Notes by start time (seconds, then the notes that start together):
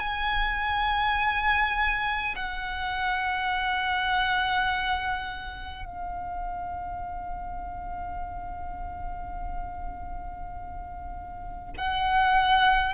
0.00 G#5
2.36 F#5
5.86 F5
11.78 F#5